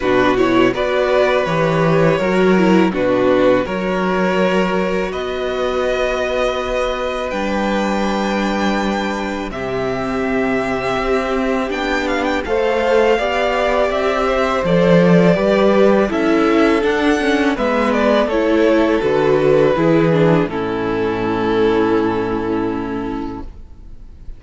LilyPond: <<
  \new Staff \with { instrumentName = "violin" } { \time 4/4 \tempo 4 = 82 b'8 cis''8 d''4 cis''2 | b'4 cis''2 dis''4~ | dis''2 g''2~ | g''4 e''2. |
g''8 f''16 g''16 f''2 e''4 | d''2 e''4 fis''4 | e''8 d''8 cis''4 b'2 | a'1 | }
  \new Staff \with { instrumentName = "violin" } { \time 4/4 fis'4 b'2 ais'4 | fis'4 ais'2 b'4~ | b'1~ | b'4 g'2.~ |
g'4 c''4 d''4. c''8~ | c''4 b'4 a'2 | b'4 a'2 gis'4 | e'1 | }
  \new Staff \with { instrumentName = "viola" } { \time 4/4 d'8 e'8 fis'4 g'4 fis'8 e'8 | d'4 fis'2.~ | fis'2 d'2~ | d'4 c'2. |
d'4 a'4 g'2 | a'4 g'4 e'4 d'8 cis'8 | b4 e'4 fis'4 e'8 d'8 | cis'1 | }
  \new Staff \with { instrumentName = "cello" } { \time 4/4 b,4 b4 e4 fis4 | b,4 fis2 b4~ | b2 g2~ | g4 c2 c'4 |
b4 a4 b4 c'4 | f4 g4 cis'4 d'4 | gis4 a4 d4 e4 | a,1 | }
>>